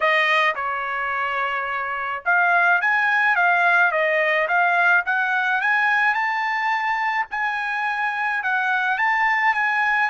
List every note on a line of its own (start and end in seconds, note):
0.00 0.55 D#5
0.55 2.23 C#5
2.25 2.81 F5
2.81 3.35 G#5
3.35 3.91 F5
3.91 4.47 D#5
4.47 5.03 F5
5.05 5.61 F#5
5.61 6.14 G#5
6.14 7.26 A5
7.30 8.43 G#5
8.43 8.97 F#5
8.97 9.54 A5
9.54 10.09 G#5